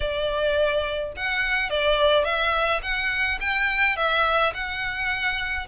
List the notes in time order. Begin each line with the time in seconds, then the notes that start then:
0.00 D5
1.16 F#5
1.70 D5
2.24 E5
2.82 F#5
3.40 G5
3.96 E5
4.54 F#5